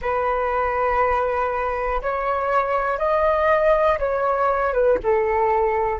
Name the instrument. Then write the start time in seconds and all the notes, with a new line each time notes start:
flute
0.01 B4
2.01 C#5
2.98 D#5
3.99 C#5
4.73 B4
5.03 A4